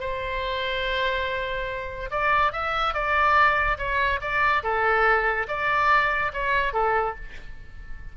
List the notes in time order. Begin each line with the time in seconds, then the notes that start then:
0.00 C5
2.11 D5
2.52 E5
2.94 D5
3.78 C#5
4.21 D5
4.63 A4
5.48 D5
6.33 C#5
6.73 A4